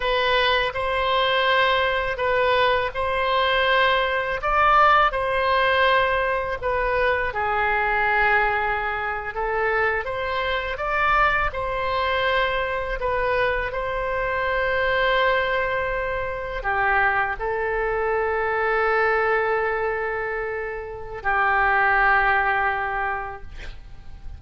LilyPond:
\new Staff \with { instrumentName = "oboe" } { \time 4/4 \tempo 4 = 82 b'4 c''2 b'4 | c''2 d''4 c''4~ | c''4 b'4 gis'2~ | gis'8. a'4 c''4 d''4 c''16~ |
c''4.~ c''16 b'4 c''4~ c''16~ | c''2~ c''8. g'4 a'16~ | a'1~ | a'4 g'2. | }